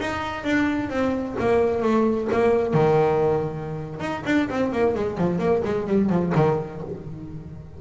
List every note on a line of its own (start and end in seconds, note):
0.00 0.44 D#4
0.44 0.90 D4
0.90 1.36 C4
1.40 1.82 A#3
1.82 2.28 A3
2.32 2.74 A#3
2.74 4.00 D#3
4.00 4.23 D#4
4.26 4.49 D4
4.50 4.73 C4
4.73 4.95 A#3
4.95 5.18 G#3
5.18 5.39 F3
5.39 5.62 A#3
5.65 5.87 G#3
5.87 6.10 G3
6.10 6.33 F3
6.35 6.81 D#3